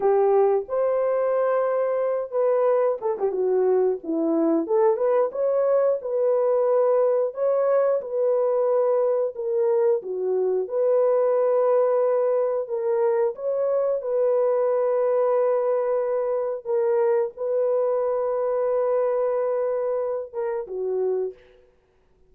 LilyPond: \new Staff \with { instrumentName = "horn" } { \time 4/4 \tempo 4 = 90 g'4 c''2~ c''8 b'8~ | b'8 a'16 g'16 fis'4 e'4 a'8 b'8 | cis''4 b'2 cis''4 | b'2 ais'4 fis'4 |
b'2. ais'4 | cis''4 b'2.~ | b'4 ais'4 b'2~ | b'2~ b'8 ais'8 fis'4 | }